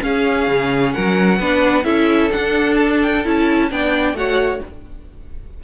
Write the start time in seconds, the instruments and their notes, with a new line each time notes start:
0.00 viola C#4, cello C#4, violin G#4 F5
0.48 cello C#3
0.93 cello F#3, violin A#4 F#5
1.38 cello B3, viola D4, violin B4
1.84 cello C#4, viola E4, violin A4 E5
2.32 viola D4, cello D4, violin F#5
2.75 violin A5
3.03 violin G5
3.25 cello C#4, viola E4, violin A5
3.70 cello B3, viola D4, violin D5 G5
4.14 cello A3, viola F#4, violin C#5 F#5